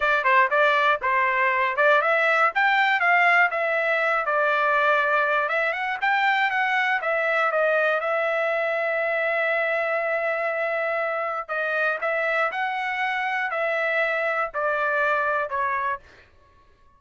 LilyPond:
\new Staff \with { instrumentName = "trumpet" } { \time 4/4 \tempo 4 = 120 d''8 c''8 d''4 c''4. d''8 | e''4 g''4 f''4 e''4~ | e''8 d''2~ d''8 e''8 fis''8 | g''4 fis''4 e''4 dis''4 |
e''1~ | e''2. dis''4 | e''4 fis''2 e''4~ | e''4 d''2 cis''4 | }